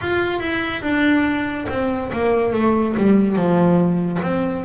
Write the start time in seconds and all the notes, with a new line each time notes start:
0.01 F4
0.40 E4
0.82 D4
1.68 C4
2.12 A#3
2.52 A3
2.97 G3
3.36 F3
4.22 C4